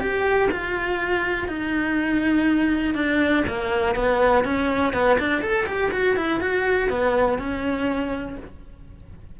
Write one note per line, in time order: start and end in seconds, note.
0.00 0.49 G4
0.51 1.48 F4
1.48 2.94 D#4
2.94 3.43 D4
3.48 3.95 A#3
3.95 4.44 B3
4.44 4.93 C#4
4.93 5.18 B3
5.19 5.41 D4
5.41 5.66 A4
5.66 5.91 G4
5.92 6.16 F#4
6.16 6.40 E4
6.40 6.89 F#4
6.89 7.38 B3
7.38 8.37 C#4